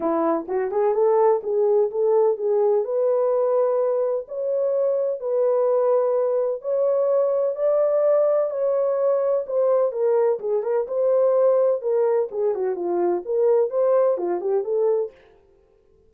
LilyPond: \new Staff \with { instrumentName = "horn" } { \time 4/4 \tempo 4 = 127 e'4 fis'8 gis'8 a'4 gis'4 | a'4 gis'4 b'2~ | b'4 cis''2 b'4~ | b'2 cis''2 |
d''2 cis''2 | c''4 ais'4 gis'8 ais'8 c''4~ | c''4 ais'4 gis'8 fis'8 f'4 | ais'4 c''4 f'8 g'8 a'4 | }